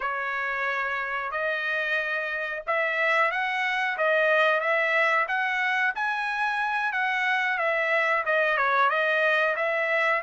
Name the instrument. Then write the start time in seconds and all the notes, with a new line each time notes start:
trumpet
0.00 C#5
1.31 D#5
2.66 E5
3.31 F#5
3.97 D#5
4.60 E5
5.27 F#5
5.95 G#5
6.92 F#5
7.58 E5
8.25 D#5
8.57 C#5
8.89 D#5
9.56 E5